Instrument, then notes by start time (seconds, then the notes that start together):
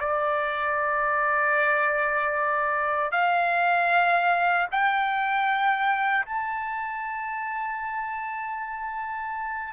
trumpet
0.00 D5
3.11 F5
4.72 G5
6.26 A5